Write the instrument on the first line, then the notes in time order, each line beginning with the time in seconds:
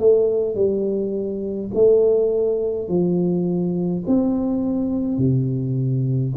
tuba
0.00 A3
0.56 G3
1.75 A3
2.89 F3
4.08 C4
5.18 C3